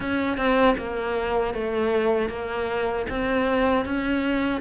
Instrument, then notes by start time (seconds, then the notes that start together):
cello
0.00 C#4
0.37 C4
0.77 A#3
1.53 A3
2.29 A#3
3.09 C4
3.85 C#4